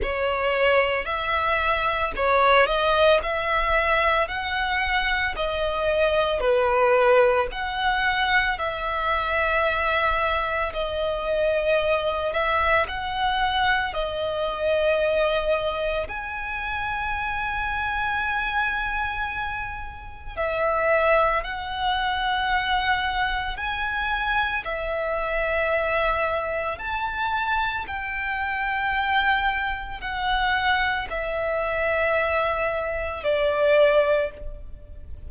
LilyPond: \new Staff \with { instrumentName = "violin" } { \time 4/4 \tempo 4 = 56 cis''4 e''4 cis''8 dis''8 e''4 | fis''4 dis''4 b'4 fis''4 | e''2 dis''4. e''8 | fis''4 dis''2 gis''4~ |
gis''2. e''4 | fis''2 gis''4 e''4~ | e''4 a''4 g''2 | fis''4 e''2 d''4 | }